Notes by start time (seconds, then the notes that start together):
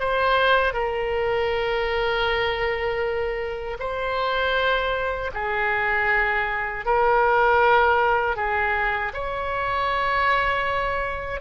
0.00 C5
0.74 A#4
3.79 C5
5.34 G#4
6.86 A#4
8.36 G#4
9.14 C#5